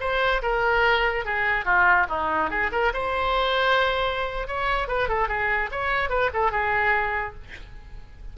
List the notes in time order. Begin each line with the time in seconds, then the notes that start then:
0.00 C5
0.42 A#4
1.25 G#4
1.65 F4
2.09 D#4
2.50 G#4
2.71 A#4
2.93 C5
4.47 C#5
4.88 B4
5.08 A4
5.28 G#4
5.71 C#5
6.09 B4
6.33 A4
6.51 G#4